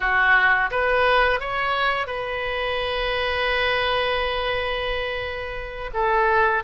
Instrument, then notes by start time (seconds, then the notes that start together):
oboe
0.00 F#4
0.70 B4
1.40 C#5
2.06 B4
5.93 A4